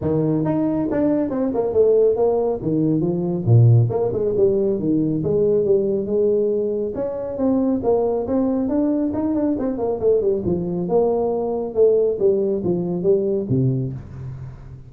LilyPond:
\new Staff \with { instrumentName = "tuba" } { \time 4/4 \tempo 4 = 138 dis4 dis'4 d'4 c'8 ais8 | a4 ais4 dis4 f4 | ais,4 ais8 gis8 g4 dis4 | gis4 g4 gis2 |
cis'4 c'4 ais4 c'4 | d'4 dis'8 d'8 c'8 ais8 a8 g8 | f4 ais2 a4 | g4 f4 g4 c4 | }